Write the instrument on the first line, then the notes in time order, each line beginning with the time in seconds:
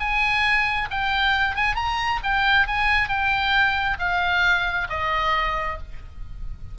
oboe
0.00 G#5
0.91 G5
1.56 G#5
1.76 A#5
2.24 G5
2.67 G#5
3.09 G5
3.99 F5
4.89 D#5